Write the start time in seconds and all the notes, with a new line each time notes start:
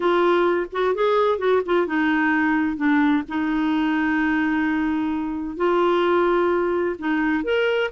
0.00 F4
0.72 F#4
0.95 G#4
1.38 F#4
1.65 F4
1.86 D#4
2.77 D4
3.28 D#4
5.56 F4
6.99 D#4
7.44 A#4